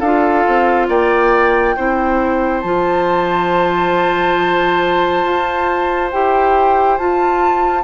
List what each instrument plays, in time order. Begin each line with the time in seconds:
0.00 bassoon D4, clarinet F4, oboe A4, flute F5
0.48 bassoon C4
0.89 bassoon A#3, oboe D5, flute G5
1.77 bassoon C4, clarinet E4, oboe C5
2.62 bassoon F3, clarinet F4, flute A5
5.24 bassoon F4
6.12 bassoon E4, clarinet G4, flute G5
6.98 bassoon F4, clarinet F4, flute A5